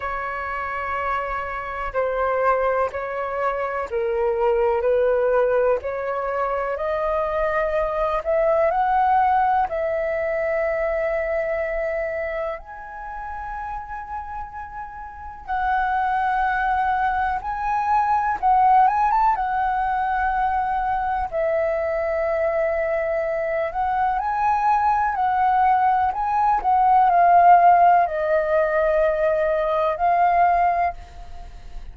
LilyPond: \new Staff \with { instrumentName = "flute" } { \time 4/4 \tempo 4 = 62 cis''2 c''4 cis''4 | ais'4 b'4 cis''4 dis''4~ | dis''8 e''8 fis''4 e''2~ | e''4 gis''2. |
fis''2 gis''4 fis''8 gis''16 a''16 | fis''2 e''2~ | e''8 fis''8 gis''4 fis''4 gis''8 fis''8 | f''4 dis''2 f''4 | }